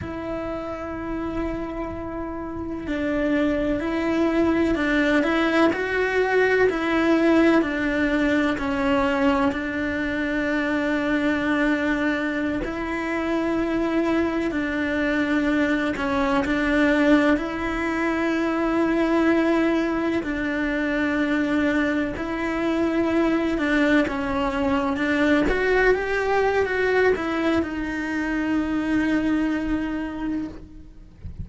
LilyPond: \new Staff \with { instrumentName = "cello" } { \time 4/4 \tempo 4 = 63 e'2. d'4 | e'4 d'8 e'8 fis'4 e'4 | d'4 cis'4 d'2~ | d'4~ d'16 e'2 d'8.~ |
d'8. cis'8 d'4 e'4.~ e'16~ | e'4~ e'16 d'2 e'8.~ | e'8. d'8 cis'4 d'8 fis'8 g'8. | fis'8 e'8 dis'2. | }